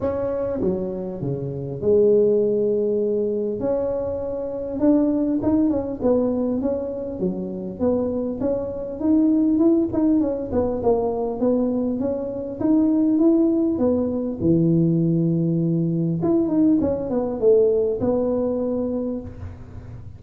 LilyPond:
\new Staff \with { instrumentName = "tuba" } { \time 4/4 \tempo 4 = 100 cis'4 fis4 cis4 gis4~ | gis2 cis'2 | d'4 dis'8 cis'8 b4 cis'4 | fis4 b4 cis'4 dis'4 |
e'8 dis'8 cis'8 b8 ais4 b4 | cis'4 dis'4 e'4 b4 | e2. e'8 dis'8 | cis'8 b8 a4 b2 | }